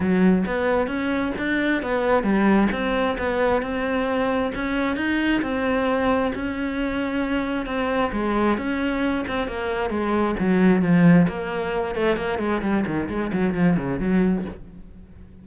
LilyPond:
\new Staff \with { instrumentName = "cello" } { \time 4/4 \tempo 4 = 133 fis4 b4 cis'4 d'4 | b4 g4 c'4 b4 | c'2 cis'4 dis'4 | c'2 cis'2~ |
cis'4 c'4 gis4 cis'4~ | cis'8 c'8 ais4 gis4 fis4 | f4 ais4. a8 ais8 gis8 | g8 dis8 gis8 fis8 f8 cis8 fis4 | }